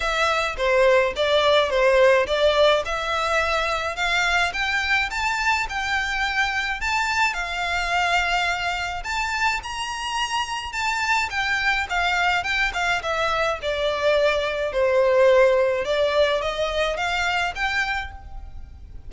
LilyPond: \new Staff \with { instrumentName = "violin" } { \time 4/4 \tempo 4 = 106 e''4 c''4 d''4 c''4 | d''4 e''2 f''4 | g''4 a''4 g''2 | a''4 f''2. |
a''4 ais''2 a''4 | g''4 f''4 g''8 f''8 e''4 | d''2 c''2 | d''4 dis''4 f''4 g''4 | }